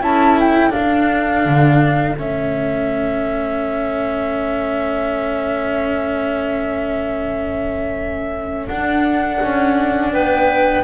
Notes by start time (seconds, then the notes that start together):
0.00 C#4 E4 A4 A5
0.39 G5
0.70 D4 F5
1.45 D3
2.18 A3 C#4 E5
8.67 D4 F#5
9.41 C#4
10.12 B3 B4 G5